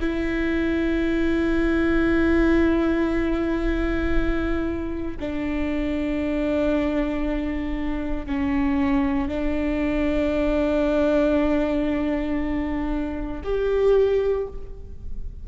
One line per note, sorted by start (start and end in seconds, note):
0.00 5.17 E4
5.20 8.26 D4
8.26 9.28 C#4
9.28 13.42 D4
13.44 14.47 G4